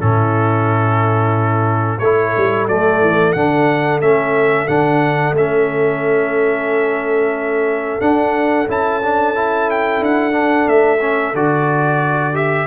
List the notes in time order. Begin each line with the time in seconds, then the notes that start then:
0.00 A2 C#4 E4 A4
1.99 A3 E4 A4 C#5
2.37 G3
2.68 F#3 A3 D5
3.01 E3
3.33 D3 D4 F#5
4.02 A3 C#4 E5
4.68 D3 D4 F#5
5.32 A3 C#4 E5
8.01 D4 F#5
8.68 C#4 E4 A5
9.03 D4
9.35 E4
9.71 G5
10.01 D4 F#5
10.32 D4
10.68 A3 E5
11.01 C#4
11.34 D3 F#4 D5
12.34 G4 E5